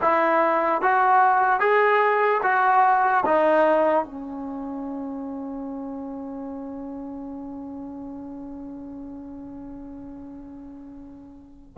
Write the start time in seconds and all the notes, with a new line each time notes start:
0.01 E4
0.81 F#4
1.60 G#4
2.43 F#4
3.25 D#4
4.04 C#4